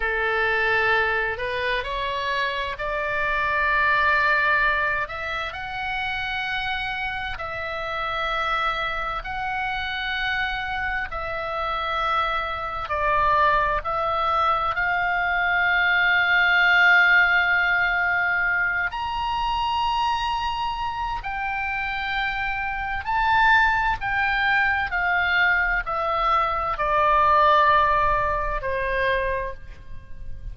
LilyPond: \new Staff \with { instrumentName = "oboe" } { \time 4/4 \tempo 4 = 65 a'4. b'8 cis''4 d''4~ | d''4. e''8 fis''2 | e''2 fis''2 | e''2 d''4 e''4 |
f''1~ | f''8 ais''2~ ais''8 g''4~ | g''4 a''4 g''4 f''4 | e''4 d''2 c''4 | }